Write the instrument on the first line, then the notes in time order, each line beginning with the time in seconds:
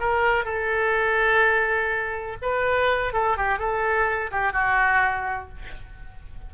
oboe
0.00 A#4
0.45 A4
2.42 B4
3.13 A4
3.37 G4
3.59 A4
4.32 G4
4.53 F#4